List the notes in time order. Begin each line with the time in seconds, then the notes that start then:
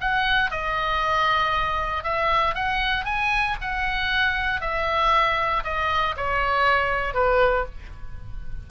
0.00 F#5
0.51 D#5
2.03 E5
2.55 F#5
3.04 G#5
3.61 F#5
4.61 E5
5.64 D#5
6.16 C#5
7.14 B4